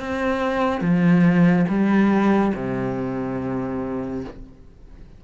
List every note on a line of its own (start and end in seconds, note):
0.00 0.81 C4
0.81 1.66 F3
1.69 2.53 G3
2.55 4.24 C3